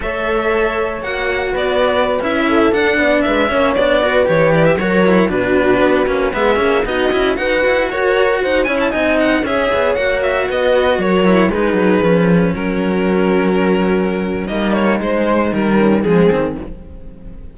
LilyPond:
<<
  \new Staff \with { instrumentName = "violin" } { \time 4/4 \tempo 4 = 116 e''2 fis''4 d''4~ | d''16 e''4 fis''4 e''4 d''8.~ | d''16 cis''8 d''16 e''16 cis''4 b'4.~ b'16~ | b'16 e''4 dis''4 fis''4 cis''8.~ |
cis''16 fis''8 gis''16 a''16 gis''8 fis''8 e''4 fis''8 e''16~ | e''16 dis''4 cis''4 b'4.~ b'16~ | b'16 ais'2.~ ais'8. | dis''8 cis''8 c''4 ais'4 gis'4 | }
  \new Staff \with { instrumentName = "horn" } { \time 4/4 cis''2. b'4~ | b'8. a'4 d''8 b'8 cis''4 b'16~ | b'4~ b'16 ais'4 fis'4.~ fis'16~ | fis'16 gis'4 fis'4 b'4 ais'8.~ |
ais'16 c''8 cis''8 dis''4 cis''4.~ cis''16~ | cis''16 b'4 ais'4 gis'4.~ gis'16~ | gis'16 fis'2.~ fis'8. | dis'2~ dis'8 cis'8 c'4 | }
  \new Staff \with { instrumentName = "cello" } { \time 4/4 a'2 fis'2~ | fis'16 e'4 d'4. cis'8 d'8 fis'16~ | fis'16 g'4 fis'8 e'8 d'4. cis'16~ | cis'16 b8 cis'8 dis'8 e'8 fis'4.~ fis'16~ |
fis'8. e'8 dis'4 gis'4 fis'8.~ | fis'4.~ fis'16 e'8 dis'4 cis'8.~ | cis'1 | ais4 gis4 g4 gis8 c'8 | }
  \new Staff \with { instrumentName = "cello" } { \time 4/4 a2 ais4 b4~ | b16 cis'4 d'8 b8 gis8 ais8 b8.~ | b16 e4 fis4 b,4 b8 ais16~ | ais16 gis8 ais8 b8 cis'8 dis'8 e'8 fis'8.~ |
fis'16 dis'8 cis'8 c'4 cis'8 b8 ais8.~ | ais16 b4 fis4 gis8 fis8 f8.~ | f16 fis2.~ fis8. | g4 gis4 dis4 f8 dis8 | }
>>